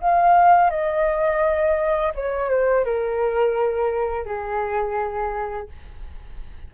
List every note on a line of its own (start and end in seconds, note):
0.00 0.70 F5
0.70 2.13 D#5
2.14 2.49 C#5
2.49 2.85 C5
2.85 4.25 A#4
4.25 5.68 G#4